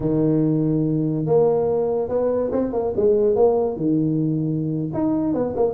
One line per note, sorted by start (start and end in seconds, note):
0.00 1.25 D#3
1.26 2.08 A#3
2.08 2.50 B3
2.52 2.72 C4
2.72 2.93 A#3
2.96 3.35 G#3
3.35 3.76 A#3
3.76 4.91 D#3
4.93 5.34 D#4
5.34 5.55 B3
5.56 5.74 A#3